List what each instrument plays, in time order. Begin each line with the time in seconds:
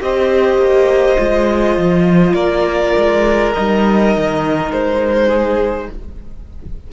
0.00 cello C4, viola G4, violin C5 D#5
0.58 cello A#3
1.18 cello G#3, viola F4
1.77 cello F3
2.34 cello A#3, violin A#4 D5
2.97 cello G#3
3.54 cello G3, viola D#4, violin D#5
4.16 cello D#3
4.71 cello G#3, violin C5
5.29 violin G#4